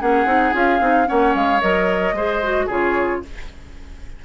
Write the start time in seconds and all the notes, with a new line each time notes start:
0.00 A#3 C#4 G#4 F#5
0.25 C4 D#4
0.53 C#4 F4 F5
0.80 C4 D#4
1.05 A#3 C#4 C#5 F#5
1.34 G#3 F5
1.60 F#3 A#4 D#5
2.12 G#3 G#4 C5
2.43 F#4
2.66 C#3 F4 G#4 C#5